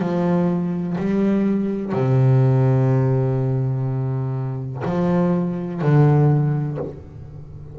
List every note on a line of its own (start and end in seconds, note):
0.00 0.97 F3
0.98 1.93 G3
1.93 4.83 C3
4.85 5.82 F3
5.82 6.78 D3